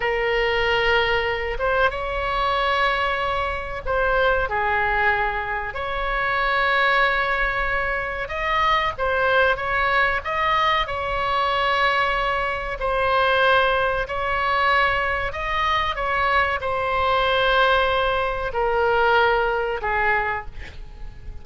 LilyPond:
\new Staff \with { instrumentName = "oboe" } { \time 4/4 \tempo 4 = 94 ais'2~ ais'8 c''8 cis''4~ | cis''2 c''4 gis'4~ | gis'4 cis''2.~ | cis''4 dis''4 c''4 cis''4 |
dis''4 cis''2. | c''2 cis''2 | dis''4 cis''4 c''2~ | c''4 ais'2 gis'4 | }